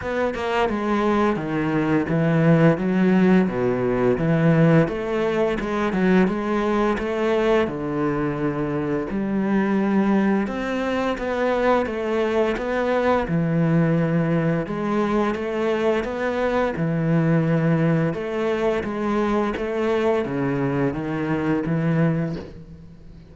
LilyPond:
\new Staff \with { instrumentName = "cello" } { \time 4/4 \tempo 4 = 86 b8 ais8 gis4 dis4 e4 | fis4 b,4 e4 a4 | gis8 fis8 gis4 a4 d4~ | d4 g2 c'4 |
b4 a4 b4 e4~ | e4 gis4 a4 b4 | e2 a4 gis4 | a4 cis4 dis4 e4 | }